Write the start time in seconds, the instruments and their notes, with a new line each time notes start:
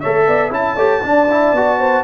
0.00 tuba A3, trombone A4, horn C#5, trumpet E5
0.27 tuba B3, horn D5
0.51 tuba C#4, trombone E4, horn E5, trumpet A5
0.76 tuba A3, trombone G4, horn C#5
1.02 trombone D4, tuba D4, horn D5
1.31 trombone E4
1.53 tuba B3, trombone F#4
1.79 horn C5